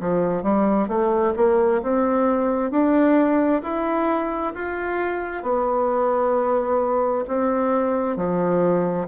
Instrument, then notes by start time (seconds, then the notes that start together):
bassoon
0.00 F3
0.43 G3
0.88 A3
1.36 A#3
1.82 C4
2.71 D4
3.62 E4
4.55 F4
5.43 B3
7.28 C4
8.17 F3